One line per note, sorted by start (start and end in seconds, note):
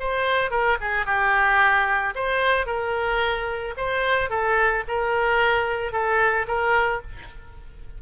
0.00 0.51 C5
0.51 0.78 A#4
0.81 1.06 G#4
1.06 2.14 G4
2.15 2.67 C5
2.67 3.75 A#4
3.77 4.30 C5
4.30 4.84 A4
4.88 5.92 A#4
5.92 6.46 A4
6.48 7.02 A#4